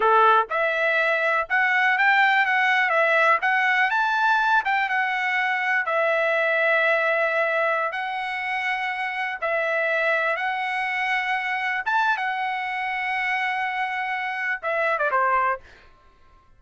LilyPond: \new Staff \with { instrumentName = "trumpet" } { \time 4/4 \tempo 4 = 123 a'4 e''2 fis''4 | g''4 fis''4 e''4 fis''4 | a''4. g''8 fis''2 | e''1~ |
e''16 fis''2. e''8.~ | e''4~ e''16 fis''2~ fis''8.~ | fis''16 a''8. fis''2.~ | fis''2 e''8. d''16 c''4 | }